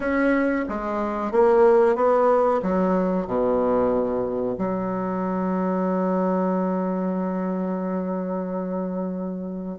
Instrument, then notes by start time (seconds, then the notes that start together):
bassoon
0.00 C#4
0.68 G#3
1.31 A#3
1.95 B3
2.62 F#3
3.26 B2
4.57 F#3